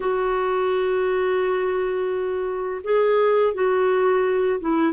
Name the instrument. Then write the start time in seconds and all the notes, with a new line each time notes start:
clarinet
0.00 F#4
2.83 G#4
3.54 F#4
4.60 E4